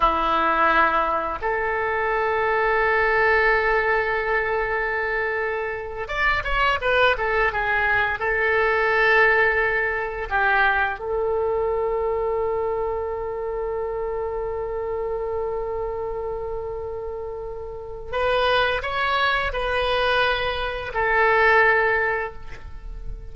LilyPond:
\new Staff \with { instrumentName = "oboe" } { \time 4/4 \tempo 4 = 86 e'2 a'2~ | a'1~ | a'8. d''8 cis''8 b'8 a'8 gis'4 a'16~ | a'2~ a'8. g'4 a'16~ |
a'1~ | a'1~ | a'2 b'4 cis''4 | b'2 a'2 | }